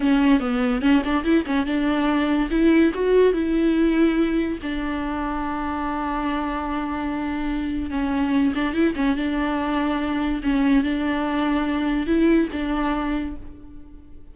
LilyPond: \new Staff \with { instrumentName = "viola" } { \time 4/4 \tempo 4 = 144 cis'4 b4 cis'8 d'8 e'8 cis'8 | d'2 e'4 fis'4 | e'2. d'4~ | d'1~ |
d'2. cis'4~ | cis'8 d'8 e'8 cis'8 d'2~ | d'4 cis'4 d'2~ | d'4 e'4 d'2 | }